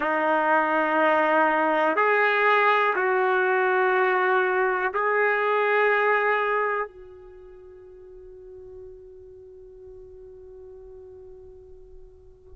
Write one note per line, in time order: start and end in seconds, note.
0.00 1.96 D#4
1.96 2.94 G#4
2.95 4.92 F#4
4.93 6.87 G#4
6.87 12.53 F#4